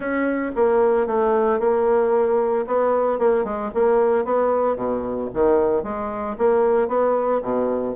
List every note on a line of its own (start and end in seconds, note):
0.00 0.51 C#4
0.55 1.06 A#3
1.06 1.59 A3
1.59 2.65 A#3
2.66 3.18 B3
3.18 3.44 A#3
3.44 3.70 G#3
3.74 4.25 A#3
4.25 4.76 B3
4.76 5.29 B2
5.33 5.83 D#3
5.83 6.36 G#3
6.37 6.88 A#3
6.88 7.41 B3
7.42 7.95 B2